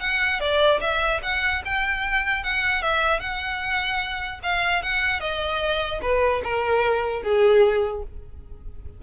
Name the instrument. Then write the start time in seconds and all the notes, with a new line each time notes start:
violin
0.00 F#5
0.40 D5
0.81 E5
1.22 F#5
1.65 G5
2.43 F#5
2.82 E5
3.20 F#5
4.43 F5
4.83 F#5
5.20 D#5
6.02 B4
6.43 A#4
7.22 G#4